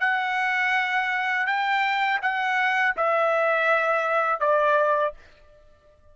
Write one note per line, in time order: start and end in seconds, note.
0.00 1.46 F#5
1.46 2.20 G5
2.22 2.95 F#5
2.96 4.40 E5
4.40 5.13 D5